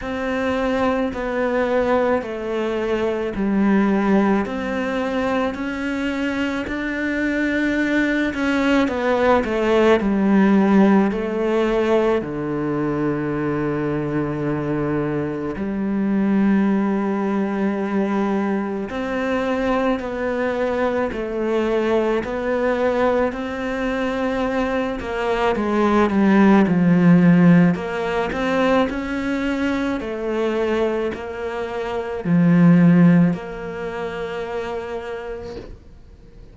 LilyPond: \new Staff \with { instrumentName = "cello" } { \time 4/4 \tempo 4 = 54 c'4 b4 a4 g4 | c'4 cis'4 d'4. cis'8 | b8 a8 g4 a4 d4~ | d2 g2~ |
g4 c'4 b4 a4 | b4 c'4. ais8 gis8 g8 | f4 ais8 c'8 cis'4 a4 | ais4 f4 ais2 | }